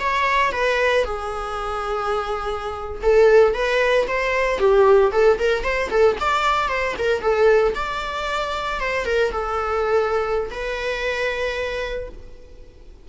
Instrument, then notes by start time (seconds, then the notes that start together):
viola
0.00 C#5
0.52 B4
1.05 G#4
3.03 A4
3.54 B4
4.08 C5
4.59 G4
5.12 A4
5.39 A#4
5.64 C5
5.90 A4
6.20 D5
6.69 C5
6.99 A#4
7.22 A4
7.75 D5
8.80 C5
9.06 A#4
9.32 A4
10.51 B4